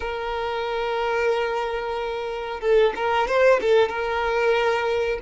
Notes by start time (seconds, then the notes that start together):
0.00 A#4
2.60 A4
2.95 A#4
3.27 C5
3.61 A4
3.88 A#4